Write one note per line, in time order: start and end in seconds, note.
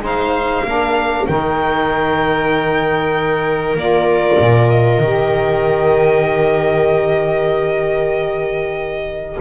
0.00 0.62 G#3
0.00 0.65 D#4
0.00 0.66 C5
0.07 1.27 F5
0.65 1.27 A#3
0.65 1.28 D4
0.65 9.41 A#4
1.27 3.76 D#3
1.27 3.78 D#4
1.27 3.77 G5
3.76 4.38 A#3
3.76 5.02 F4
3.76 4.71 D5
4.40 4.99 A#2
4.71 9.40 D#5
4.99 9.37 D#3
4.99 9.40 G4